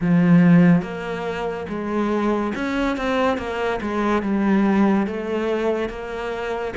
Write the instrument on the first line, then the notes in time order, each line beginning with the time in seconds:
cello
0.00 F3
0.81 A#3
1.69 G#3
2.55 C#4
2.97 C4
3.37 A#3
3.81 G#3
4.22 G3
5.07 A3
5.89 A#3